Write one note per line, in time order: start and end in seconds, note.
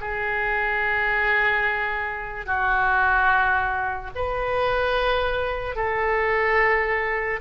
0.00 2.46 G#4
2.46 4.10 F#4
4.15 5.75 B4
5.75 7.40 A4